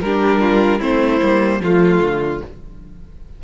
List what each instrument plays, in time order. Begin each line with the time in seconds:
0.00 cello G3, viola D4, violin G4 A#4
0.41 violin F4
0.79 cello A3, viola C4, violin E4 C5
1.21 cello G3, viola A#3
1.60 cello F3, viola A3, violin F4
2.00 cello D3